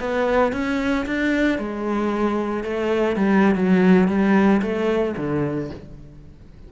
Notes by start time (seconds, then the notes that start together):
0.00 B3
0.53 C#4
1.06 D4
1.59 G#3
2.64 A3
3.16 G3
3.56 F#3
4.08 G3
4.62 A3
5.17 D3